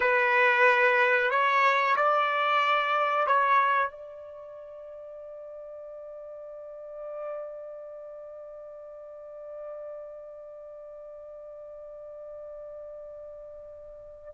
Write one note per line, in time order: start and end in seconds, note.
0.00 1.30 B4
1.30 1.95 C#5
1.96 3.26 D5
3.26 3.90 C#5
3.90 14.33 D5